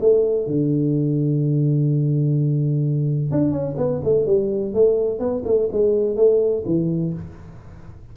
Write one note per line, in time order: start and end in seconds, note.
0.00 0.46 A3
0.46 3.31 D3
3.31 3.51 D4
3.51 3.75 C#4
3.77 4.01 B3
4.04 4.26 A3
4.26 4.74 G3
4.74 5.19 A3
5.19 5.43 B3
5.45 5.68 A3
5.71 6.16 G#3
6.16 6.63 A3
6.65 7.13 E3